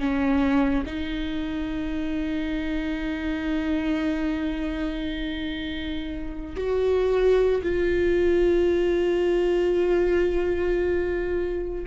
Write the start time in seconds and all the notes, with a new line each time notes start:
0.00 C#4
0.86 D#4
6.56 F#4
7.63 F4